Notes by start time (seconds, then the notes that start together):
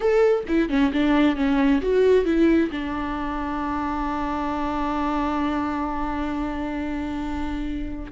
0.00 A4
0.47 E4
0.69 C#4
0.92 D4
1.36 C#4
1.81 F#4
2.25 E4
2.71 D4